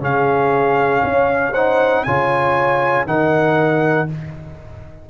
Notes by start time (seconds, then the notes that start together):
0.00 C#3 C#4 G#4 F5
1.04 C#4 C#5
1.52 D#4 C5 F#5
2.04 C#3 F4 C#5 G#5
3.06 D#3 D#4 A#4 F#5